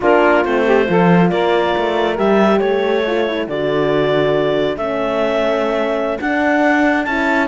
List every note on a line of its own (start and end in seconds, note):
0.00 0.44 A#3
0.00 0.45 D4
0.00 0.64 F4
0.00 0.44 A#4
0.44 0.88 A3
0.44 0.86 C4
0.44 1.29 C5
0.65 0.87 G4
0.86 1.31 F3
0.86 2.15 F4
0.86 1.31 A4
1.29 1.75 A#3
1.29 2.60 A#4
1.29 2.16 D5
1.77 2.18 A3
2.15 2.60 G3
2.15 3.02 G4
2.15 2.59 E5
2.59 3.47 A3
2.59 7.48 A4
2.59 3.46 C#5
3.06 3.27 F4
3.27 3.49 E4
3.47 4.77 D3
3.47 4.78 F#4
3.47 4.77 D5
4.77 6.18 A3
4.77 6.20 C#4
4.77 6.18 E5
6.20 7.06 D4
6.20 7.04 F#5
7.04 7.48 C#4
7.04 7.48 E4
7.04 7.47 A5